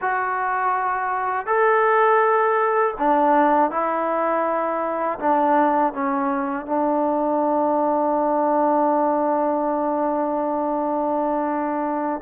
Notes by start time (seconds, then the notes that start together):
0.01 F#4
1.46 A4
2.98 D4
3.70 E4
5.19 D4
5.93 C#4
6.65 D4